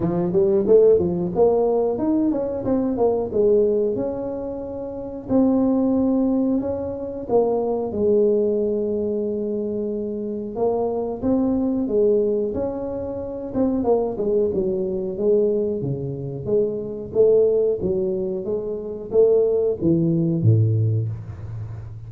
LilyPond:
\new Staff \with { instrumentName = "tuba" } { \time 4/4 \tempo 4 = 91 f8 g8 a8 f8 ais4 dis'8 cis'8 | c'8 ais8 gis4 cis'2 | c'2 cis'4 ais4 | gis1 |
ais4 c'4 gis4 cis'4~ | cis'8 c'8 ais8 gis8 fis4 gis4 | cis4 gis4 a4 fis4 | gis4 a4 e4 a,4 | }